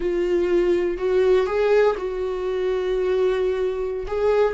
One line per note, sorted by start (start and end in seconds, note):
0.00 0.97 F4
0.97 1.46 F#4
1.46 1.95 G#4
1.97 4.06 F#4
4.07 4.54 G#4